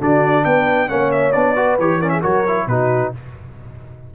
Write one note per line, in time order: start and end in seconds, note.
0.00 0.45 D3
0.00 0.88 D4
0.00 0.45 F#4
0.00 0.45 D5
0.45 0.90 B3
0.45 0.90 B4
0.45 0.89 G5
0.88 1.35 A#3
0.88 1.33 C#4
0.88 1.56 C#5
0.88 1.12 F#5
1.12 1.33 E5
1.33 1.79 B3
1.33 1.56 D4
1.33 1.77 D5
1.56 1.79 F#4
1.56 2.00 B4
1.79 2.24 E3
1.79 2.02 G4
1.79 2.02 C#5
2.00 2.22 C#4
2.00 2.11 A#4
2.00 2.10 D5
2.10 2.22 G#4
2.10 2.21 E5
2.22 2.67 F#3
2.22 2.45 F#4
2.22 2.66 A#4
2.22 2.68 C#5
2.48 2.70 E4
2.67 3.12 B2
2.67 3.15 D#4
2.67 3.14 F#4
2.67 3.13 B4